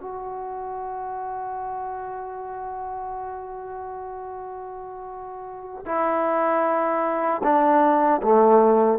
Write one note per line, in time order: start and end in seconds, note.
0.00 5.84 F#4
5.86 7.42 E4
7.43 8.21 D4
8.22 8.99 A3